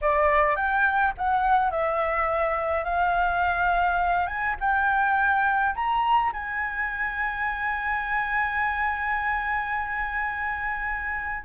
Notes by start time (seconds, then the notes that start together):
0.01 D5
0.56 G5
1.17 F#5
1.71 E5
2.84 F5
4.26 G#5
4.60 G5
5.75 A#5
6.32 G#5